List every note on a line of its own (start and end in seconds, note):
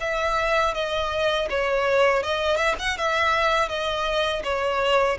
0.00 0.74 E5
0.74 1.48 D#5
1.49 2.23 C#5
2.23 2.56 D#5
2.56 2.74 E5
2.79 2.97 F#5
2.97 3.68 E5
3.68 4.42 D#5
4.43 5.18 C#5